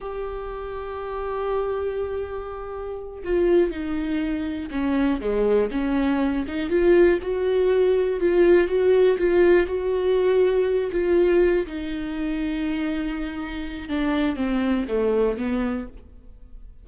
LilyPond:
\new Staff \with { instrumentName = "viola" } { \time 4/4 \tempo 4 = 121 g'1~ | g'2~ g'8 f'4 dis'8~ | dis'4. cis'4 gis4 cis'8~ | cis'4 dis'8 f'4 fis'4.~ |
fis'8 f'4 fis'4 f'4 fis'8~ | fis'2 f'4. dis'8~ | dis'1 | d'4 c'4 a4 b4 | }